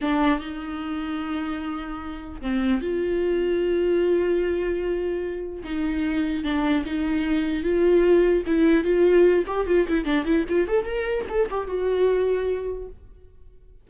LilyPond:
\new Staff \with { instrumentName = "viola" } { \time 4/4 \tempo 4 = 149 d'4 dis'2.~ | dis'2 c'4 f'4~ | f'1~ | f'2 dis'2 |
d'4 dis'2 f'4~ | f'4 e'4 f'4. g'8 | f'8 e'8 d'8 e'8 f'8 a'8 ais'4 | a'8 g'8 fis'2. | }